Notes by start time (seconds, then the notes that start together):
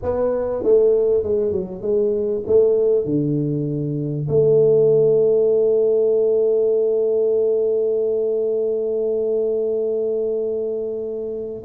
0.02 B3
0.63 A3
1.23 G#3
1.51 F#3
1.81 G#3
2.47 A3
3.05 D3
4.28 A3